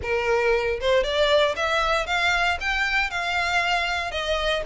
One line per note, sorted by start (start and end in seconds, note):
0.02 0.80 A#4
0.80 1.03 C5
1.03 1.55 D5
1.56 2.06 E5
2.06 2.57 F5
2.60 3.10 G5
3.10 4.11 F5
4.11 4.62 D#5